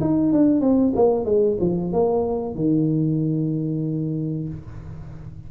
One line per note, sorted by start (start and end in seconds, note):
0.00 0.32 D#4
0.32 0.60 D4
0.60 0.93 C4
0.95 1.25 A#3
1.25 1.57 G#3
1.60 1.92 F3
1.92 2.55 A#3
2.55 4.48 D#3